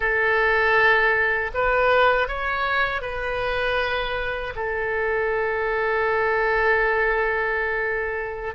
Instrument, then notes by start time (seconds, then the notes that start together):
oboe
0.00 A4
1.54 B4
2.28 C#5
3.01 B4
4.55 A4